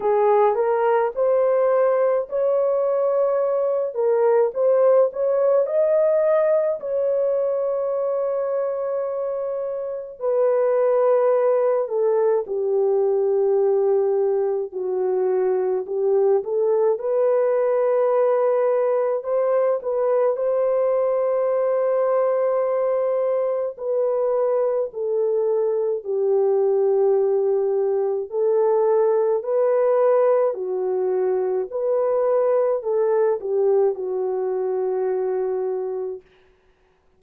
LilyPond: \new Staff \with { instrumentName = "horn" } { \time 4/4 \tempo 4 = 53 gis'8 ais'8 c''4 cis''4. ais'8 | c''8 cis''8 dis''4 cis''2~ | cis''4 b'4. a'8 g'4~ | g'4 fis'4 g'8 a'8 b'4~ |
b'4 c''8 b'8 c''2~ | c''4 b'4 a'4 g'4~ | g'4 a'4 b'4 fis'4 | b'4 a'8 g'8 fis'2 | }